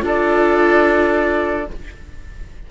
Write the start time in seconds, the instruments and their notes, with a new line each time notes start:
0.00 cello D4, viola F4, oboe A4, flute D5